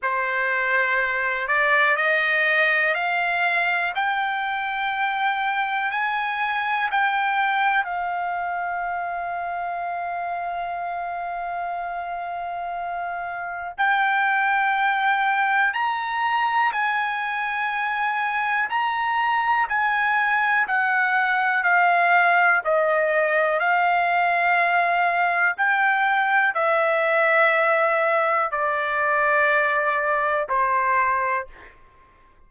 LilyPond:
\new Staff \with { instrumentName = "trumpet" } { \time 4/4 \tempo 4 = 61 c''4. d''8 dis''4 f''4 | g''2 gis''4 g''4 | f''1~ | f''2 g''2 |
ais''4 gis''2 ais''4 | gis''4 fis''4 f''4 dis''4 | f''2 g''4 e''4~ | e''4 d''2 c''4 | }